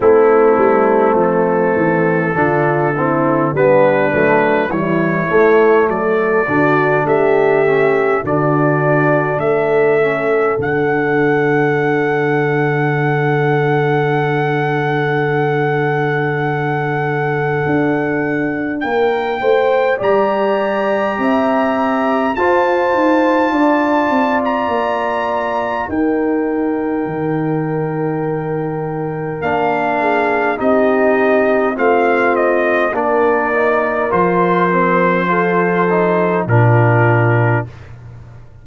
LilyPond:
<<
  \new Staff \with { instrumentName = "trumpet" } { \time 4/4 \tempo 4 = 51 e'4 a'2 b'4 | cis''4 d''4 e''4 d''4 | e''4 fis''2.~ | fis''1 |
g''4 ais''2 a''4~ | a''8. ais''4~ ais''16 g''2~ | g''4 f''4 dis''4 f''8 dis''8 | d''4 c''2 ais'4 | }
  \new Staff \with { instrumentName = "horn" } { \time 4/4 c'2 f'8 e'8 d'4 | e'4 a'8 fis'8 g'4 fis'4 | a'1~ | a'1 |
ais'8 c''8 d''4 e''4 c''4 | d''2 ais'2~ | ais'4. gis'8 g'4 f'4 | ais'2 a'4 f'4 | }
  \new Staff \with { instrumentName = "trombone" } { \time 4/4 a2 d'8 c'8 b8 a8 | g8 a4 d'4 cis'8 d'4~ | d'8 cis'8 d'2.~ | d'1~ |
d'4 g'2 f'4~ | f'2 dis'2~ | dis'4 d'4 dis'4 c'4 | d'8 dis'8 f'8 c'8 f'8 dis'8 d'4 | }
  \new Staff \with { instrumentName = "tuba" } { \time 4/4 a8 g8 f8 e8 d4 g8 fis8 | e8 a8 fis8 d8 a4 d4 | a4 d2.~ | d2. d'4 |
ais8 a8 g4 c'4 f'8 dis'8 | d'8 c'8 ais4 dis'4 dis4~ | dis4 ais4 c'4 a4 | ais4 f2 ais,4 | }
>>